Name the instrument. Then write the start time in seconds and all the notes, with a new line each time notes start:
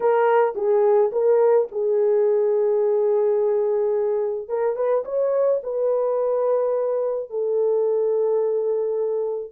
horn
0.00 A#4
0.55 G#4
1.12 A#4
1.71 G#4
4.48 A#4
4.75 B4
5.04 C#5
5.63 B4
7.29 A4